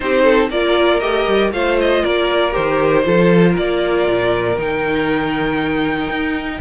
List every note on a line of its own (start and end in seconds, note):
0.00 0.49 C4
0.00 0.50 D#4
0.00 0.23 G4
0.00 0.50 C5
0.23 0.48 A4
0.49 1.00 A#3
0.49 1.01 F4
0.49 1.52 A#4
0.49 0.99 D5
0.99 1.26 A3
0.99 1.51 G4
0.99 1.50 D#5
1.27 1.52 G3
1.51 2.03 A3
1.51 2.51 F4
1.51 2.02 C5
1.51 1.78 F5
1.80 2.05 D#5
2.02 2.56 A#3
2.02 3.04 A#4
2.02 2.53 D5
2.51 3.06 D#3
2.51 3.02 G4
2.51 3.55 C5
3.03 3.57 F3
3.03 4.56 F4
3.03 3.51 A4
3.51 6.56 A#4
3.51 4.59 D5
3.57 4.07 A#3
4.07 4.56 A#2
4.56 6.09 D#3
4.56 6.60 D#4
4.56 6.60 G5
6.10 6.60 D#4